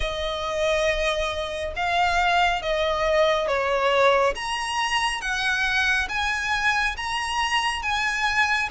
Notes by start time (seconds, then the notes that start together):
0.00 D#5
1.75 F5
2.61 D#5
3.47 C#5
4.35 A#5
5.21 F#5
6.09 G#5
6.96 A#5
7.82 G#5